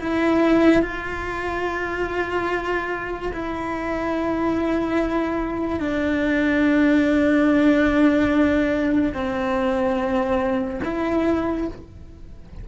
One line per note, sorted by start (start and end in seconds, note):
0.00 0.82 E4
0.82 3.32 F4
3.33 5.80 E4
5.80 9.13 D4
9.14 10.80 C4
10.84 11.67 E4